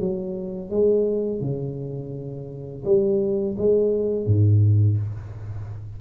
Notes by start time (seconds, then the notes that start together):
0.00 F#3
0.70 G#3
1.41 C#3
2.85 G3
3.58 G#3
4.26 G#2